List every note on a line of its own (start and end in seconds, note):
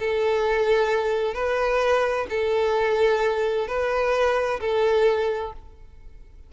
0.00 1.34 A4
1.34 2.27 B4
2.30 3.68 A4
3.68 4.60 B4
4.61 5.53 A4